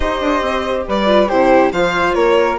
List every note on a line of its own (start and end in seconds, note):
0.00 0.21 D#4
0.00 1.06 G4
0.00 0.85 C5
0.00 0.86 D#5
0.21 0.41 D4
0.41 0.85 C4
0.87 1.31 G3
0.87 1.28 B4
0.87 1.29 D5
1.06 1.27 F4
1.28 1.72 C3
1.28 1.73 E4
1.28 1.71 G4
1.28 1.72 C5
1.72 2.15 F3
1.72 2.58 F4
1.72 2.15 C5
1.72 2.14 F5
2.14 2.58 A#3
2.14 2.58 A#4
2.14 2.57 C#5